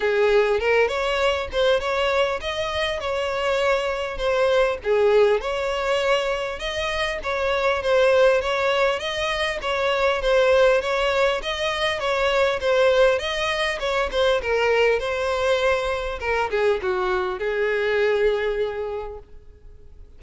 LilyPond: \new Staff \with { instrumentName = "violin" } { \time 4/4 \tempo 4 = 100 gis'4 ais'8 cis''4 c''8 cis''4 | dis''4 cis''2 c''4 | gis'4 cis''2 dis''4 | cis''4 c''4 cis''4 dis''4 |
cis''4 c''4 cis''4 dis''4 | cis''4 c''4 dis''4 cis''8 c''8 | ais'4 c''2 ais'8 gis'8 | fis'4 gis'2. | }